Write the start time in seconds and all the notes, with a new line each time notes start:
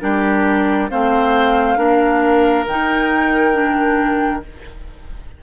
0.00 G3 D4 G4 A#4
0.90 A3 C4 C5 F5
1.76 A#3 D4 A#4
2.66 D#3 D#4 G5
3.53 D4